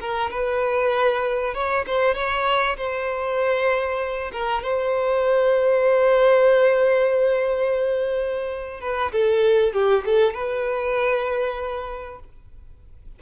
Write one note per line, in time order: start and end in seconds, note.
0.00 0.30 A#4
0.30 1.54 B4
1.54 1.85 C#5
1.86 2.15 C5
2.15 2.76 C#5
2.77 4.31 C5
4.32 4.63 A#4
4.63 8.80 C5
8.80 9.11 B4
9.12 9.73 A4
9.73 10.04 G4
10.05 10.34 A4
10.34 12.19 B4